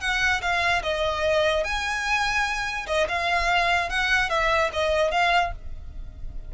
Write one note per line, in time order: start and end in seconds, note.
0.00 0.41 F#5
0.41 0.82 F5
0.82 1.63 D#5
1.63 2.86 G#5
2.86 3.07 D#5
3.08 3.89 F5
3.89 4.29 F#5
4.29 4.70 E5
4.72 5.11 D#5
5.11 5.52 F5